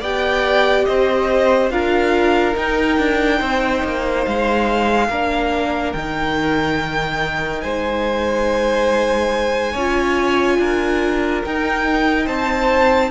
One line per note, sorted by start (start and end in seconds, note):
0.00 0.86 B3
0.00 1.71 G4
0.00 0.85 D5
0.00 0.85 G5
0.85 1.70 C4
0.85 1.72 C5
0.85 1.70 D#5
1.70 2.55 D4
1.70 2.53 F4
1.70 3.38 A#4
1.70 2.55 F5
2.53 5.07 D#4
2.53 2.98 D#4
2.53 4.25 G5
2.98 3.41 D4
3.38 3.83 C4
3.38 5.07 C5
3.84 4.26 A#3
4.25 5.09 G#3
4.25 5.93 F5
5.09 5.93 A#3
5.09 5.96 D4
5.09 7.62 A#4
5.93 7.63 D#3
5.93 9.77 D#4
5.93 7.61 G5
7.61 9.75 G#3
7.61 9.72 C5
7.61 11.41 G#5
9.72 10.58 C#4
9.72 11.46 F4
9.72 10.57 C#5
10.58 11.43 D4
10.58 12.26 A#4
11.45 12.27 D#4
11.45 13.11 D#4
11.45 12.27 G5
12.26 13.11 C4
12.26 13.10 C5
12.26 13.11 A5